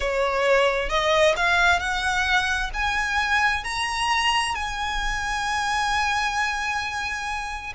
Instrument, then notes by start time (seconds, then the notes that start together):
violin
0.00 C#5
0.89 D#5
1.36 F5
1.79 F#5
2.73 G#5
3.64 A#5
4.54 G#5